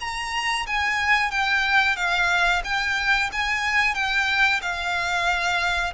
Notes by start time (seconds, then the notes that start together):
0.00 A#5
0.67 G#5
1.31 G5
1.96 F5
2.64 G5
3.32 G#5
3.94 G5
4.62 F5